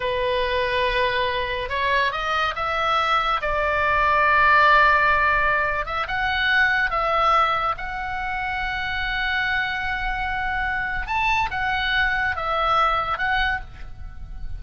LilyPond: \new Staff \with { instrumentName = "oboe" } { \time 4/4 \tempo 4 = 141 b'1 | cis''4 dis''4 e''2 | d''1~ | d''4.~ d''16 e''8 fis''4.~ fis''16~ |
fis''16 e''2 fis''4.~ fis''16~ | fis''1~ | fis''2 a''4 fis''4~ | fis''4 e''2 fis''4 | }